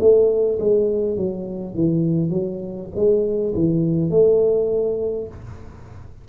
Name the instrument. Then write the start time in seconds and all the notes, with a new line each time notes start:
tuba
0.00 A3
0.59 G#3
1.17 F#3
1.75 E3
2.30 F#3
2.96 G#3
3.55 E3
4.11 A3